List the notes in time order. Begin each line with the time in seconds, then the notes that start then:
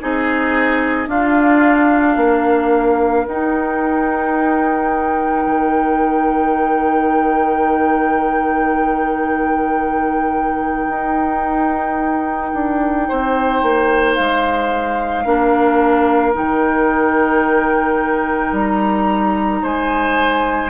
0.00 C4 D#4 G#4 D#5
1.07 D4 F4 F5
2.16 A#3 A#4
3.27 D#4 G5
5.46 D#3
10.89 D#4
12.53 D4
13.08 C4 C5
13.62 A#3
14.14 G#3 F5
15.25 A#3 D4 A#4
16.32 D#3 D#4 G5
18.52 G3 A#5
19.62 G#3 C5 G#5